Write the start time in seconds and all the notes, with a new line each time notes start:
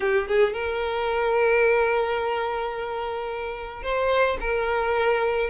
0.00 G4
0.27 G#4
0.53 A#4
3.83 C5
4.40 A#4